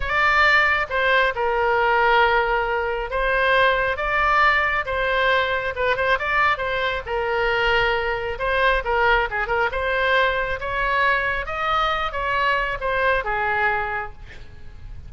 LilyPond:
\new Staff \with { instrumentName = "oboe" } { \time 4/4 \tempo 4 = 136 d''2 c''4 ais'4~ | ais'2. c''4~ | c''4 d''2 c''4~ | c''4 b'8 c''8 d''4 c''4 |
ais'2. c''4 | ais'4 gis'8 ais'8 c''2 | cis''2 dis''4. cis''8~ | cis''4 c''4 gis'2 | }